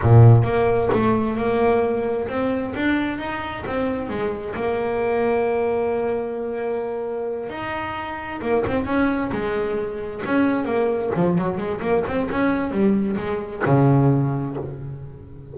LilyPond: \new Staff \with { instrumentName = "double bass" } { \time 4/4 \tempo 4 = 132 ais,4 ais4 a4 ais4~ | ais4 c'4 d'4 dis'4 | c'4 gis4 ais2~ | ais1~ |
ais8 dis'2 ais8 c'8 cis'8~ | cis'8 gis2 cis'4 ais8~ | ais8 f8 fis8 gis8 ais8 c'8 cis'4 | g4 gis4 cis2 | }